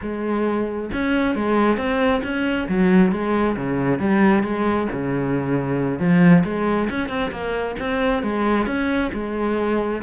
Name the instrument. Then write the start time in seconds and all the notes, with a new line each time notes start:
cello
0.01 G#3
0.92 C#4
1.35 G#3
1.77 C4
2.23 C#4
2.68 F#3
3.11 G#3
3.56 C#3
3.99 G3
4.43 G#3
4.92 C#3
5.99 F3
6.44 G#3
6.90 C#4
7.08 C4
7.31 A#3
7.79 C4
8.22 G#3
8.66 C#4
9.13 G#3